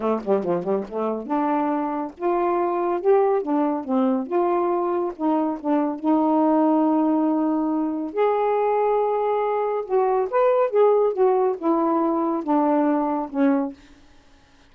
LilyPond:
\new Staff \with { instrumentName = "saxophone" } { \time 4/4 \tempo 4 = 140 a8 g8 f8 g8 a4 d'4~ | d'4 f'2 g'4 | d'4 c'4 f'2 | dis'4 d'4 dis'2~ |
dis'2. gis'4~ | gis'2. fis'4 | b'4 gis'4 fis'4 e'4~ | e'4 d'2 cis'4 | }